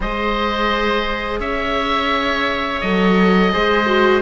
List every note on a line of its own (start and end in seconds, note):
0.00 1.39 G#3
0.00 2.83 G#4
0.00 1.40 C5
0.00 1.40 D#5
1.39 2.80 C#4
1.39 3.51 C#5
1.39 2.80 E5
2.80 3.52 F#3
2.80 3.52 A4
2.80 4.21 D#5
3.52 4.21 G#3
3.52 3.86 G#4
3.52 4.21 C5
3.86 4.21 F#4